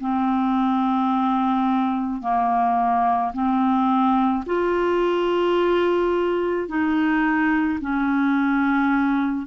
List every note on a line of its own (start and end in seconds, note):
0.00 2.21 C4
2.21 3.32 A#3
3.33 4.44 C4
4.45 6.68 F4
6.68 7.79 D#4
7.80 9.46 C#4